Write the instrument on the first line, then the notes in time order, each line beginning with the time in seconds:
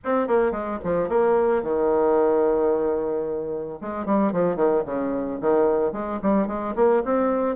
bassoon
0.04 C4
0.27 A#3
0.51 G#3
0.84 F3
1.08 A#3
1.62 D#3
3.81 G#3
4.05 G3
4.32 F3
4.56 D#3
4.85 C#3
5.41 D#3
5.92 G#3
6.22 G3
6.47 G#3
6.75 A#3
7.04 C4